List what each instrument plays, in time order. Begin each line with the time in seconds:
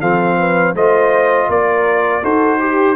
0.00 tuba F3, trombone C4, horn A4, trumpet F5
0.38 horn B4
0.74 tuba A3, trombone F4, horn C5, trumpet D#5
1.48 tuba A#3, horn A#4, trumpet D5
2.22 tuba D#4, trombone F#4, horn A4, trumpet C5
2.59 trombone G4, horn G4